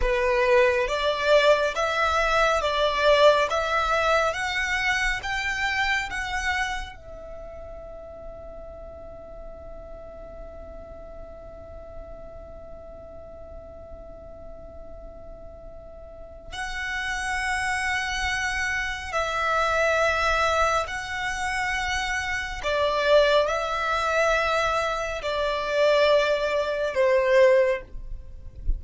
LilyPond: \new Staff \with { instrumentName = "violin" } { \time 4/4 \tempo 4 = 69 b'4 d''4 e''4 d''4 | e''4 fis''4 g''4 fis''4 | e''1~ | e''1~ |
e''2. fis''4~ | fis''2 e''2 | fis''2 d''4 e''4~ | e''4 d''2 c''4 | }